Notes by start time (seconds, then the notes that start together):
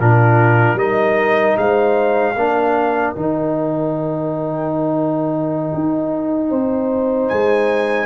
0.00 A#2 D4 F4 A#4
0.75 G3 D#4 A#4 D#5
1.57 G#3 C5 F5
2.35 A#3 D4 A#4
3.14 D#3 D#4 G5
5.75 D#4
6.50 C4 C5
7.29 G#3 G#5